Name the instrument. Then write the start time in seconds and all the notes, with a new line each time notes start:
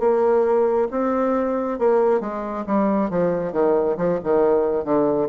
bassoon
0.00 A#3
0.91 C4
1.79 A#3
2.21 G#3
2.67 G3
3.10 F3
3.53 D#3
3.97 F3
4.24 D#3
4.84 D3